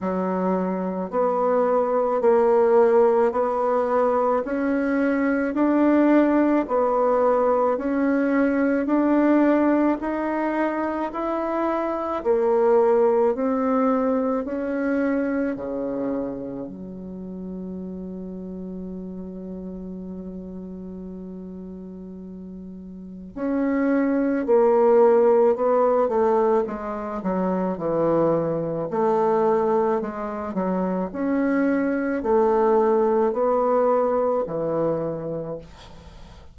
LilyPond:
\new Staff \with { instrumentName = "bassoon" } { \time 4/4 \tempo 4 = 54 fis4 b4 ais4 b4 | cis'4 d'4 b4 cis'4 | d'4 dis'4 e'4 ais4 | c'4 cis'4 cis4 fis4~ |
fis1~ | fis4 cis'4 ais4 b8 a8 | gis8 fis8 e4 a4 gis8 fis8 | cis'4 a4 b4 e4 | }